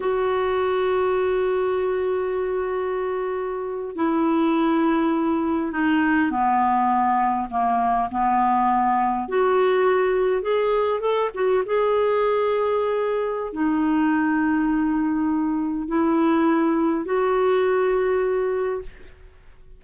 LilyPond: \new Staff \with { instrumentName = "clarinet" } { \time 4/4 \tempo 4 = 102 fis'1~ | fis'2~ fis'8. e'4~ e'16~ | e'4.~ e'16 dis'4 b4~ b16~ | b8. ais4 b2 fis'16~ |
fis'4.~ fis'16 gis'4 a'8 fis'8 gis'16~ | gis'2. dis'4~ | dis'2. e'4~ | e'4 fis'2. | }